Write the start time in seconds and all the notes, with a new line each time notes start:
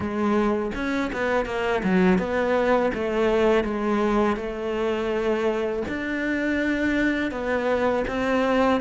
0.00 G#3
0.75 C#4
1.12 B3
1.45 A#3
1.83 F#3
2.18 B3
2.94 A3
3.64 G#3
4.36 A3
5.88 D4
7.31 B3
8.07 C4